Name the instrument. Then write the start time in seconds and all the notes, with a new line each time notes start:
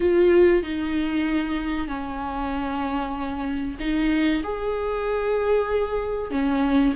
viola
0.00 F4
0.62 D#4
1.87 C#4
3.79 D#4
4.43 G#4
6.30 C#4